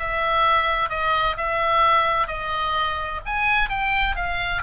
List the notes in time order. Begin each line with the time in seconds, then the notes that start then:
0.00 E5
0.90 D#5
1.38 E5
2.28 D#5
3.26 G#5
3.70 G5
4.16 F5